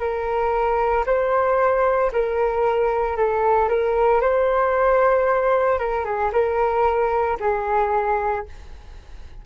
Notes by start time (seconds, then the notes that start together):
0.00 A#4
1.06 C5
2.13 A#4
3.17 A4
3.69 A#4
4.22 C5
5.79 A#4
6.05 G#4
6.33 A#4
7.40 G#4